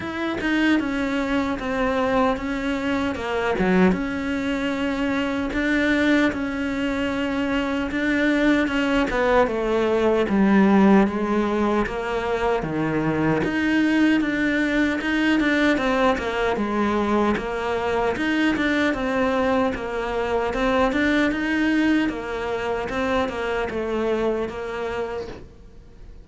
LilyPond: \new Staff \with { instrumentName = "cello" } { \time 4/4 \tempo 4 = 76 e'8 dis'8 cis'4 c'4 cis'4 | ais8 fis8 cis'2 d'4 | cis'2 d'4 cis'8 b8 | a4 g4 gis4 ais4 |
dis4 dis'4 d'4 dis'8 d'8 | c'8 ais8 gis4 ais4 dis'8 d'8 | c'4 ais4 c'8 d'8 dis'4 | ais4 c'8 ais8 a4 ais4 | }